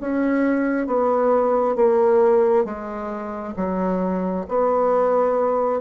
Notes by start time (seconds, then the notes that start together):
0.00 C#4
0.86 B3
1.75 A#3
2.64 G#3
3.56 F#3
4.48 B3